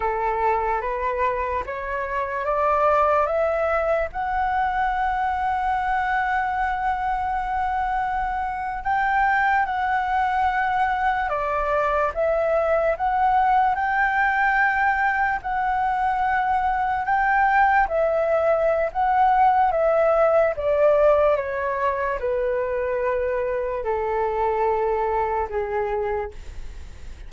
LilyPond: \new Staff \with { instrumentName = "flute" } { \time 4/4 \tempo 4 = 73 a'4 b'4 cis''4 d''4 | e''4 fis''2.~ | fis''2~ fis''8. g''4 fis''16~ | fis''4.~ fis''16 d''4 e''4 fis''16~ |
fis''8. g''2 fis''4~ fis''16~ | fis''8. g''4 e''4~ e''16 fis''4 | e''4 d''4 cis''4 b'4~ | b'4 a'2 gis'4 | }